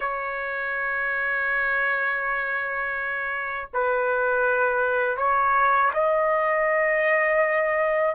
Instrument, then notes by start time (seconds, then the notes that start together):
trumpet
0.00 C#5
3.73 B4
5.17 C#5
5.93 D#5